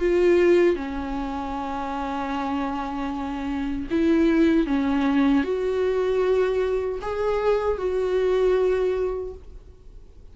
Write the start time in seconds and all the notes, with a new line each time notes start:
0.00 F4
0.76 C#4
3.91 E4
4.67 C#4
5.44 F#4
7.02 G#4
7.78 F#4